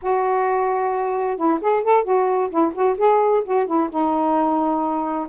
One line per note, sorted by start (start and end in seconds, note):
0.02 1.36 F#4
1.36 1.59 E4
1.61 1.83 G#4
1.83 2.04 A4
2.04 2.50 F#4
2.50 2.73 E4
2.74 2.97 F#4
2.97 3.43 G#4
3.44 3.66 F#4
3.66 3.89 E4
3.90 5.27 D#4